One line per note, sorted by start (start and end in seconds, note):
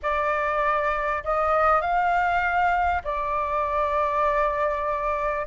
0.02 1.23 D5
1.24 1.81 D#5
1.81 3.02 F5
3.04 5.46 D5